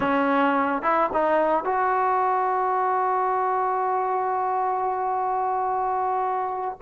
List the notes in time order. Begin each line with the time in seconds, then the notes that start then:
0.00 C#4
0.82 E4
1.13 D#4
1.64 F#4